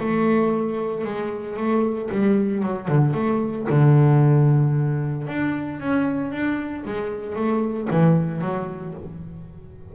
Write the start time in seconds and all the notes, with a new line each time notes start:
0.00 A3
1.04 G#3
1.57 A3
2.11 G3
2.63 F#3
2.88 D3
3.14 A3
3.69 D3
5.27 D4
5.80 C#4
6.31 D4
6.85 G#3
7.35 A3
7.90 E3
8.41 F#3